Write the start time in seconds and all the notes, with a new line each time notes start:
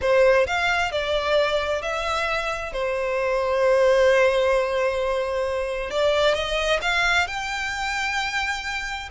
0.01 C5
0.47 F5
0.91 D5
1.82 E5
2.72 C5
5.90 D5
6.34 D#5
6.81 F5
7.27 G5